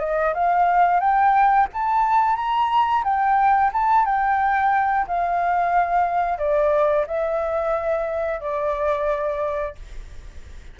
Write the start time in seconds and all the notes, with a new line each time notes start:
0.00 D#5
0.34 F5
1.00 G5
1.73 A5
2.36 A#5
3.04 G5
3.73 A5
4.05 G5
5.07 F5
6.39 D5
7.07 E5
8.41 D5